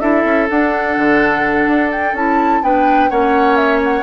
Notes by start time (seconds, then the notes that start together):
0.00 D4 E4 A4 E5
0.24 C#4
0.49 D4 F#5
0.97 D3
1.67 D4
1.91 G5
2.13 C#4 E4 A5
2.63 B3 D4 B4 G5
3.10 A#3 C#4 C#5 F#5
3.56 E5
3.84 F#5